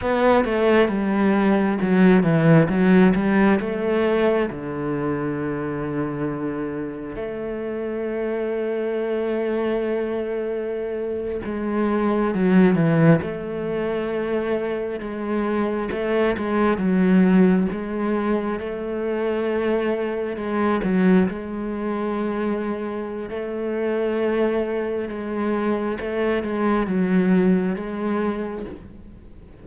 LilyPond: \new Staff \with { instrumentName = "cello" } { \time 4/4 \tempo 4 = 67 b8 a8 g4 fis8 e8 fis8 g8 | a4 d2. | a1~ | a8. gis4 fis8 e8 a4~ a16~ |
a8. gis4 a8 gis8 fis4 gis16~ | gis8. a2 gis8 fis8 gis16~ | gis2 a2 | gis4 a8 gis8 fis4 gis4 | }